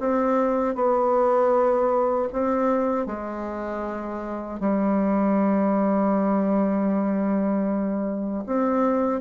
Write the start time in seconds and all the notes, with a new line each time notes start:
0.00 C4
0.75 B3
2.33 C4
3.07 G#3
4.60 G3
8.46 C4